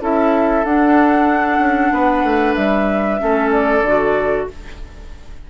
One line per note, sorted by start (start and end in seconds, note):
0.00 0.64 C#4
0.00 0.64 E4
0.00 1.92 A4
0.00 0.64 E5
0.64 1.58 D4
0.64 3.19 D4
0.64 2.55 F#5
1.58 1.90 C#4
1.92 2.23 B3
1.92 3.20 B4
2.23 2.55 A3
2.55 3.20 G3
2.55 3.51 E5
3.19 3.82 A3
3.19 3.83 C#4
3.19 4.49 A4
3.51 4.47 D5
3.82 4.45 D3
3.82 4.50 F#4